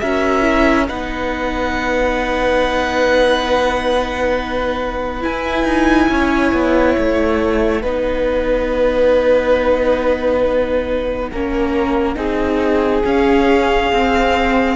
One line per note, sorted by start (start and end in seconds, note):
0.00 0.89 C#4
0.00 0.43 F#4
0.00 0.89 A#4
0.00 0.87 E5
0.43 0.86 E4
0.86 5.25 B3
0.86 5.21 D#4
0.86 6.11 B4
0.86 5.23 F#5
5.21 7.82 E4
5.21 5.64 E4
5.21 6.97 G#5
5.64 6.08 D#4
6.09 6.52 C#4
6.09 7.82 C#5
6.52 6.96 B3
6.97 7.84 A3
6.97 13.06 F#5
7.82 11.31 B3
7.82 11.32 D#4
7.82 11.30 B4
11.32 12.16 A#3
11.32 12.16 C#4
11.32 12.17 A#4
12.16 13.03 C4
12.16 13.03 D#4
12.16 14.76 G#4
13.04 13.91 C#4
13.04 13.92 C#4
13.04 14.76 F5
13.92 14.76 C4